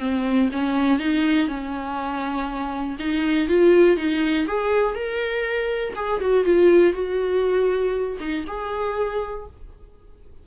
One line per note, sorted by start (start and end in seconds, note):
0.00 0.50 C4
0.52 0.99 C#4
0.99 1.49 D#4
1.49 2.97 C#4
3.00 3.49 D#4
3.49 3.97 F4
3.97 4.47 D#4
4.48 4.95 G#4
4.95 5.94 A#4
5.96 6.21 G#4
6.21 6.45 F#4
6.45 6.94 F4
6.94 8.18 F#4
8.20 8.45 D#4
8.47 9.47 G#4